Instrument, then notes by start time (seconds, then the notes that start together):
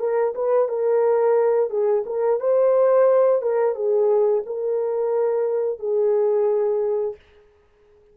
horn
0.00 A#4
0.35 B4
0.69 A#4
1.70 G#4
2.06 A#4
2.40 C5
3.42 A#4
3.75 G#4
4.47 A#4
5.80 G#4